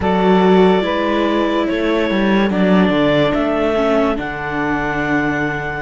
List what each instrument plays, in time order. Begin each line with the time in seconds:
0.00 cello F#3, viola F#4, saxophone A4, clarinet D5
0.80 cello G#3, viola E4, saxophone B4
1.66 cello A3, saxophone A4, clarinet C#5
2.10 cello G3
2.49 cello F#3, viola D4, clarinet D5
2.90 cello D3
3.33 cello A3, clarinet E5
3.75 viola C#4
4.16 cello D3, viola D4, clarinet F#5